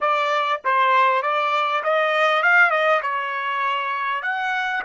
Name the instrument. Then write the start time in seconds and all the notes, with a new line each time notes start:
trumpet
0.00 D5
0.64 C5
1.22 D5
1.83 D#5
2.42 F5
2.70 D#5
3.01 C#5
4.22 F#5